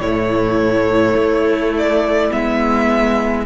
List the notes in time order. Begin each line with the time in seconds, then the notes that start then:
0.00 A2 A3 E4 C#5
1.15 A3
1.77 D5
2.31 G#3 B3 E5